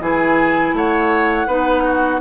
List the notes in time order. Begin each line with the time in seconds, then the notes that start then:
0.00 E3 E4 G#4 G#5
0.73 A3 C#5 F#5
1.46 B3 D#4 B4
1.84 F#4